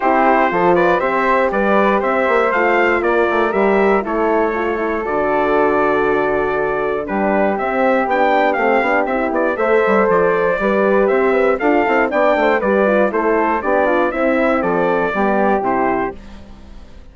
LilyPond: <<
  \new Staff \with { instrumentName = "trumpet" } { \time 4/4 \tempo 4 = 119 c''4. d''8 e''4 d''4 | e''4 f''4 d''4 e''4 | cis''2 d''2~ | d''2 b'4 e''4 |
g''4 f''4 e''8 d''8 e''4 | d''2 e''4 f''4 | g''4 d''4 c''4 d''4 | e''4 d''2 c''4 | }
  \new Staff \with { instrumentName = "flute" } { \time 4/4 g'4 a'8 b'8 c''4 b'4 | c''2 ais'2 | a'1~ | a'2 g'2~ |
g'2. c''4~ | c''4 b'4 c''8 b'8 a'4 | d''8 c''8 b'4 a'4 g'8 f'8 | e'4 a'4 g'2 | }
  \new Staff \with { instrumentName = "horn" } { \time 4/4 e'4 f'4 g'2~ | g'4 f'2 g'4 | e'4 f'8 e'8 fis'2~ | fis'2 d'4 c'4 |
d'4 c'8 d'8 e'4 a'4~ | a'4 g'2 f'8 e'8 | d'4 g'8 f'8 e'4 d'4 | c'2 b4 e'4 | }
  \new Staff \with { instrumentName = "bassoon" } { \time 4/4 c'4 f4 c'4 g4 | c'8 ais8 a4 ais8 a8 g4 | a2 d2~ | d2 g4 c'4 |
b4 a8 b8 c'8 b8 a8 g8 | f4 g4 c'4 d'8 c'8 | b8 a8 g4 a4 b4 | c'4 f4 g4 c4 | }
>>